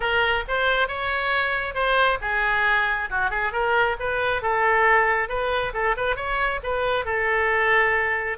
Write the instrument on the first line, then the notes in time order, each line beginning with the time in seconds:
oboe
0.00 A#4
0.48 C5
0.87 C#5
1.74 C5
2.21 G#4
3.10 F#4
3.30 G#4
3.52 A#4
3.99 B4
4.42 A4
5.28 B4
5.73 A4
5.97 B4
6.15 C#5
6.63 B4
7.05 A4